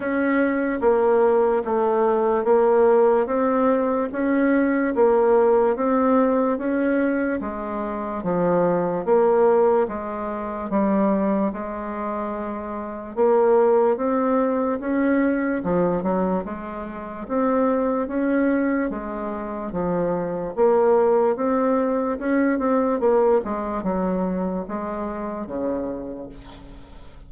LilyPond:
\new Staff \with { instrumentName = "bassoon" } { \time 4/4 \tempo 4 = 73 cis'4 ais4 a4 ais4 | c'4 cis'4 ais4 c'4 | cis'4 gis4 f4 ais4 | gis4 g4 gis2 |
ais4 c'4 cis'4 f8 fis8 | gis4 c'4 cis'4 gis4 | f4 ais4 c'4 cis'8 c'8 | ais8 gis8 fis4 gis4 cis4 | }